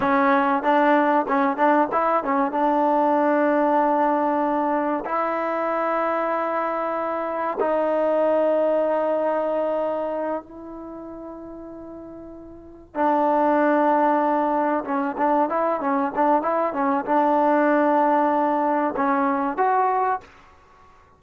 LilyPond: \new Staff \with { instrumentName = "trombone" } { \time 4/4 \tempo 4 = 95 cis'4 d'4 cis'8 d'8 e'8 cis'8 | d'1 | e'1 | dis'1~ |
dis'8 e'2.~ e'8~ | e'8 d'2. cis'8 | d'8 e'8 cis'8 d'8 e'8 cis'8 d'4~ | d'2 cis'4 fis'4 | }